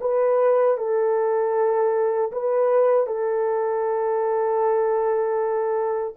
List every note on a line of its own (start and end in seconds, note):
0.00 0.77 B4
0.77 2.31 A4
2.31 3.06 B4
3.06 6.14 A4